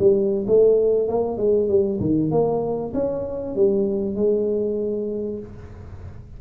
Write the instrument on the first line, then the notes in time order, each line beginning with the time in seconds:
tuba
0.00 G3
0.48 A3
1.09 A#3
1.38 G#3
1.69 G3
2.01 D#3
2.31 A#3
2.94 C#4
3.56 G3
4.16 G#3